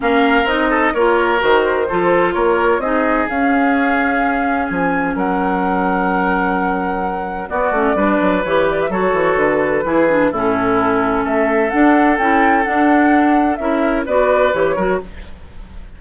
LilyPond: <<
  \new Staff \with { instrumentName = "flute" } { \time 4/4 \tempo 4 = 128 f''4 dis''4 cis''4 c''4~ | c''4 cis''4 dis''4 f''4~ | f''2 gis''4 fis''4~ | fis''1 |
d''2 cis''8 d''16 e''16 cis''4 | b'2 a'2 | e''4 fis''4 g''4 fis''4~ | fis''4 e''4 d''4 cis''4 | }
  \new Staff \with { instrumentName = "oboe" } { \time 4/4 ais'4. a'8 ais'2 | a'4 ais'4 gis'2~ | gis'2. ais'4~ | ais'1 |
fis'4 b'2 a'4~ | a'4 gis'4 e'2 | a'1~ | a'4 ais'4 b'4. ais'8 | }
  \new Staff \with { instrumentName = "clarinet" } { \time 4/4 cis'4 dis'4 f'4 fis'4 | f'2 dis'4 cis'4~ | cis'1~ | cis'1 |
b8 cis'8 d'4 g'4 fis'4~ | fis'4 e'8 d'8 cis'2~ | cis'4 d'4 e'4 d'4~ | d'4 e'4 fis'4 g'8 fis'8 | }
  \new Staff \with { instrumentName = "bassoon" } { \time 4/4 ais4 c'4 ais4 dis4 | f4 ais4 c'4 cis'4~ | cis'2 f4 fis4~ | fis1 |
b8 a8 g8 fis8 e4 fis8 e8 | d4 e4 a,2 | a4 d'4 cis'4 d'4~ | d'4 cis'4 b4 e8 fis8 | }
>>